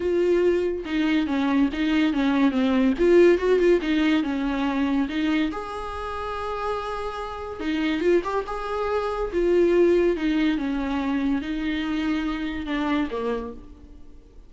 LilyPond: \new Staff \with { instrumentName = "viola" } { \time 4/4 \tempo 4 = 142 f'2 dis'4 cis'4 | dis'4 cis'4 c'4 f'4 | fis'8 f'8 dis'4 cis'2 | dis'4 gis'2.~ |
gis'2 dis'4 f'8 g'8 | gis'2 f'2 | dis'4 cis'2 dis'4~ | dis'2 d'4 ais4 | }